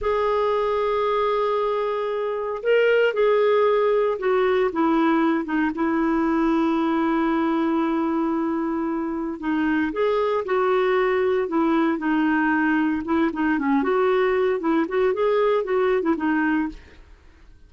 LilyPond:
\new Staff \with { instrumentName = "clarinet" } { \time 4/4 \tempo 4 = 115 gis'1~ | gis'4 ais'4 gis'2 | fis'4 e'4. dis'8 e'4~ | e'1~ |
e'2 dis'4 gis'4 | fis'2 e'4 dis'4~ | dis'4 e'8 dis'8 cis'8 fis'4. | e'8 fis'8 gis'4 fis'8. e'16 dis'4 | }